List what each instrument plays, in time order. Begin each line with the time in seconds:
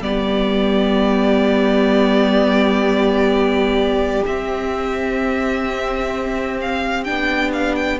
0.00 cello G3, viola B3, violin G4 D5
4.25 cello C4, viola C4, violin E5
6.61 violin F5
7.04 cello B3, viola D4, violin G5
7.53 violin F5
7.75 violin G5